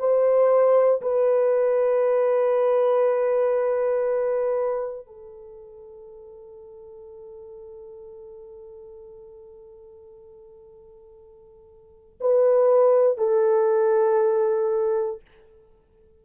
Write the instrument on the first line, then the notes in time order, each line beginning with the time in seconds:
horn
0.00 C5
1.02 B4
5.07 A4
12.21 B4
13.18 A4